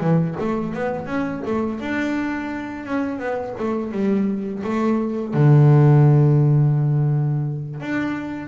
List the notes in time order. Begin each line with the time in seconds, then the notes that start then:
0.00 E3
0.39 A3
0.73 B3
1.06 C#4
1.46 A3
1.80 D4
2.85 C#4
3.19 B3
3.58 A3
3.92 G3
4.63 A3
5.34 D3
7.80 D4